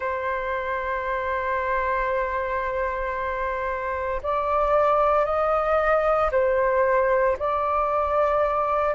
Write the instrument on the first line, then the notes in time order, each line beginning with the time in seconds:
flute
0.00 C5
4.22 D5
5.25 D#5
6.32 C5
7.38 D5